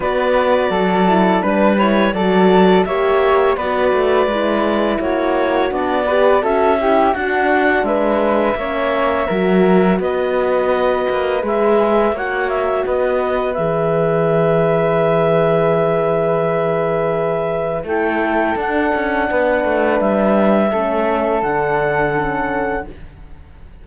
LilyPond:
<<
  \new Staff \with { instrumentName = "clarinet" } { \time 4/4 \tempo 4 = 84 d''2 b'8 cis''8 d''4 | e''4 d''2 cis''4 | d''4 e''4 fis''4 e''4~ | e''2 dis''2 |
e''4 fis''8 e''8 dis''4 e''4~ | e''1~ | e''4 g''4 fis''2 | e''2 fis''2 | }
  \new Staff \with { instrumentName = "flute" } { \time 4/4 b'4 a'4 b'4 a'4 | cis''4 b'2 fis'4~ | fis'8 b'8 a'8 g'8 fis'4 b'4 | cis''4 ais'4 b'2~ |
b'4 cis''4 b'2~ | b'1~ | b'4 a'2 b'4~ | b'4 a'2. | }
  \new Staff \with { instrumentName = "horn" } { \time 4/4 fis'4. e'8 d'8 e'8 fis'4 | g'4 fis'4 e'2 | d'8 g'8 fis'8 e'8 d'2 | cis'4 fis'2. |
gis'4 fis'2 gis'4~ | gis'1~ | gis'4 e'4 d'2~ | d'4 cis'4 d'4 cis'4 | }
  \new Staff \with { instrumentName = "cello" } { \time 4/4 b4 fis4 g4 fis4 | ais4 b8 a8 gis4 ais4 | b4 cis'4 d'4 gis4 | ais4 fis4 b4. ais8 |
gis4 ais4 b4 e4~ | e1~ | e4 a4 d'8 cis'8 b8 a8 | g4 a4 d2 | }
>>